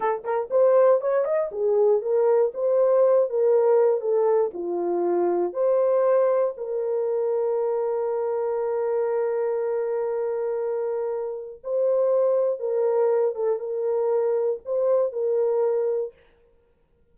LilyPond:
\new Staff \with { instrumentName = "horn" } { \time 4/4 \tempo 4 = 119 a'8 ais'8 c''4 cis''8 dis''8 gis'4 | ais'4 c''4. ais'4. | a'4 f'2 c''4~ | c''4 ais'2.~ |
ais'1~ | ais'2. c''4~ | c''4 ais'4. a'8 ais'4~ | ais'4 c''4 ais'2 | }